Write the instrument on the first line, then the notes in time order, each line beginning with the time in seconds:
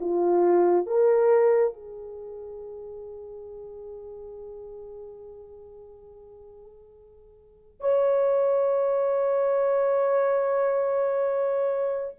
horn
0.00 F4
0.86 A#4
1.74 G#4
7.80 C#5